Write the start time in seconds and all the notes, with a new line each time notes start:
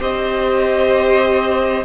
0.00 C4 G4 C5 D#5